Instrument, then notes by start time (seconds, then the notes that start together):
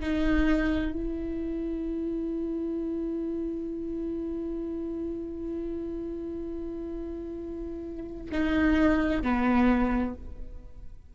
viola
0.00 D#4
0.92 E4
8.32 D#4
9.22 B3